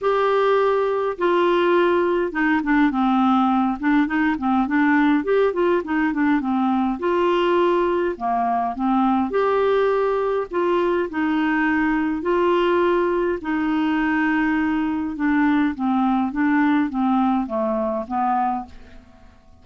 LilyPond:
\new Staff \with { instrumentName = "clarinet" } { \time 4/4 \tempo 4 = 103 g'2 f'2 | dis'8 d'8 c'4. d'8 dis'8 c'8 | d'4 g'8 f'8 dis'8 d'8 c'4 | f'2 ais4 c'4 |
g'2 f'4 dis'4~ | dis'4 f'2 dis'4~ | dis'2 d'4 c'4 | d'4 c'4 a4 b4 | }